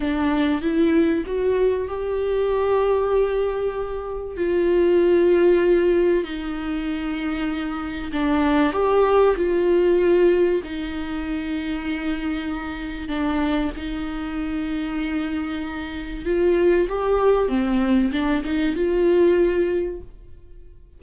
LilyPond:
\new Staff \with { instrumentName = "viola" } { \time 4/4 \tempo 4 = 96 d'4 e'4 fis'4 g'4~ | g'2. f'4~ | f'2 dis'2~ | dis'4 d'4 g'4 f'4~ |
f'4 dis'2.~ | dis'4 d'4 dis'2~ | dis'2 f'4 g'4 | c'4 d'8 dis'8 f'2 | }